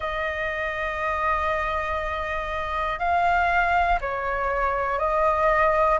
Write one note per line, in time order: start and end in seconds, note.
0.00 2.99 D#5
2.99 3.99 F5
4.00 4.99 C#5
4.99 5.99 D#5